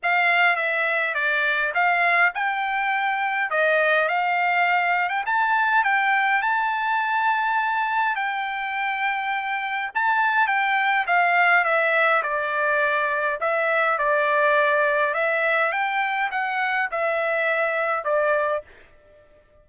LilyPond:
\new Staff \with { instrumentName = "trumpet" } { \time 4/4 \tempo 4 = 103 f''4 e''4 d''4 f''4 | g''2 dis''4 f''4~ | f''8. g''16 a''4 g''4 a''4~ | a''2 g''2~ |
g''4 a''4 g''4 f''4 | e''4 d''2 e''4 | d''2 e''4 g''4 | fis''4 e''2 d''4 | }